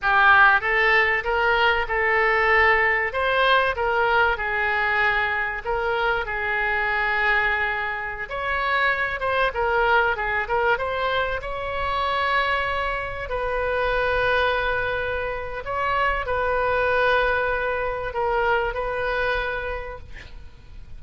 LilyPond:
\new Staff \with { instrumentName = "oboe" } { \time 4/4 \tempo 4 = 96 g'4 a'4 ais'4 a'4~ | a'4 c''4 ais'4 gis'4~ | gis'4 ais'4 gis'2~ | gis'4~ gis'16 cis''4. c''8 ais'8.~ |
ais'16 gis'8 ais'8 c''4 cis''4.~ cis''16~ | cis''4~ cis''16 b'2~ b'8.~ | b'4 cis''4 b'2~ | b'4 ais'4 b'2 | }